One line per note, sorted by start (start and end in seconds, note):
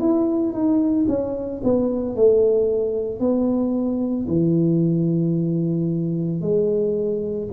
0.00 0.53 E4
0.53 1.06 D#4
1.09 1.62 C#4
1.64 2.16 B3
2.16 3.20 A3
3.20 4.27 B3
4.28 6.41 E3
6.41 7.49 G#3